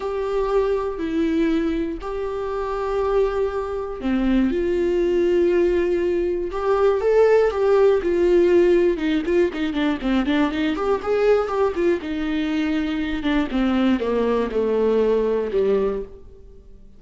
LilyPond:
\new Staff \with { instrumentName = "viola" } { \time 4/4 \tempo 4 = 120 g'2 e'2 | g'1 | c'4 f'2.~ | f'4 g'4 a'4 g'4 |
f'2 dis'8 f'8 dis'8 d'8 | c'8 d'8 dis'8 g'8 gis'4 g'8 f'8 | dis'2~ dis'8 d'8 c'4 | ais4 a2 g4 | }